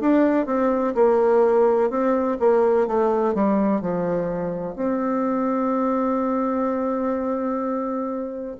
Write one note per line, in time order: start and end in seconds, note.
0.00 0.46 D4
0.46 0.94 C4
0.95 1.90 A#3
1.90 2.37 C4
2.39 2.87 A#3
2.87 3.34 A3
3.34 3.81 G3
3.81 4.75 F3
4.75 8.56 C4